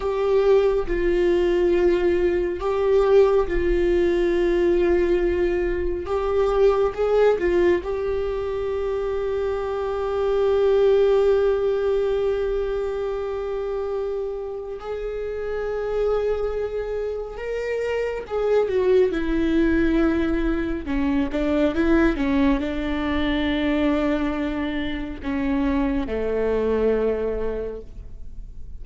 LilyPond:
\new Staff \with { instrumentName = "viola" } { \time 4/4 \tempo 4 = 69 g'4 f'2 g'4 | f'2. g'4 | gis'8 f'8 g'2.~ | g'1~ |
g'4 gis'2. | ais'4 gis'8 fis'8 e'2 | cis'8 d'8 e'8 cis'8 d'2~ | d'4 cis'4 a2 | }